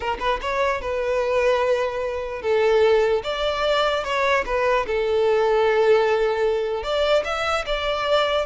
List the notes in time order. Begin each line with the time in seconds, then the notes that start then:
0.00 A#4
0.19 B4
0.41 C#5
0.81 B4
2.42 A4
3.23 D5
4.04 C#5
4.45 B4
4.87 A4
6.83 D5
7.24 E5
7.66 D5